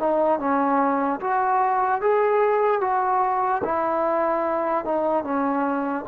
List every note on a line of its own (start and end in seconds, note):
0.00 0.39 D#4
0.39 1.21 C#4
1.21 2.02 F#4
2.02 2.81 G#4
2.81 3.62 F#4
3.64 4.85 E4
4.85 5.24 D#4
5.24 6.06 C#4